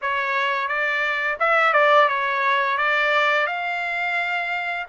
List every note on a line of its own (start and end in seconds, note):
0.01 0.68 C#5
0.68 1.37 D5
1.39 1.73 E5
1.73 2.08 D5
2.08 2.77 C#5
2.77 3.46 D5
3.46 4.86 F5